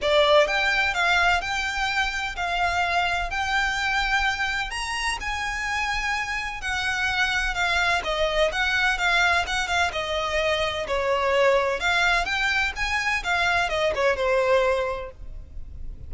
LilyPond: \new Staff \with { instrumentName = "violin" } { \time 4/4 \tempo 4 = 127 d''4 g''4 f''4 g''4~ | g''4 f''2 g''4~ | g''2 ais''4 gis''4~ | gis''2 fis''2 |
f''4 dis''4 fis''4 f''4 | fis''8 f''8 dis''2 cis''4~ | cis''4 f''4 g''4 gis''4 | f''4 dis''8 cis''8 c''2 | }